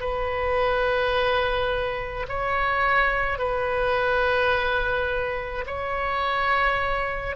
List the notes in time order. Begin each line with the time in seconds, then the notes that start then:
0.00 B4
2.28 C#5
3.39 B4
5.67 C#5